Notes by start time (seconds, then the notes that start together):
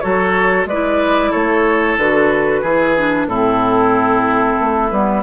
0.00 F#3 F#4 A4 C#5
0.65 G#3 B4 D5
0.72 E4
1.30 A3 A4 C#5
1.97 D3 F#4 B4
2.61 E3 E4 G#4
2.97 D4
3.26 A2 C4 E4 A4
4.60 A3
4.90 G3 B3 B4